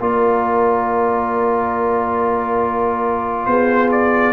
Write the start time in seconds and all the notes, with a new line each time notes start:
0.00 A#3 F4 A#4 D5
3.46 B3 G#4 C5
3.91 D5